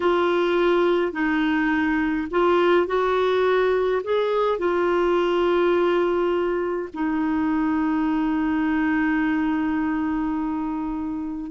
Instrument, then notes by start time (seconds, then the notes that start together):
clarinet
0.00 F4
1.12 D#4
2.30 F4
2.86 F#4
4.03 G#4
4.58 F4
6.93 D#4